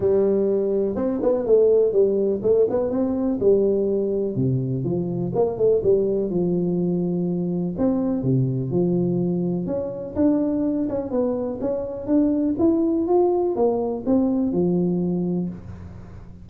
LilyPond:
\new Staff \with { instrumentName = "tuba" } { \time 4/4 \tempo 4 = 124 g2 c'8 b8 a4 | g4 a8 b8 c'4 g4~ | g4 c4 f4 ais8 a8 | g4 f2. |
c'4 c4 f2 | cis'4 d'4. cis'8 b4 | cis'4 d'4 e'4 f'4 | ais4 c'4 f2 | }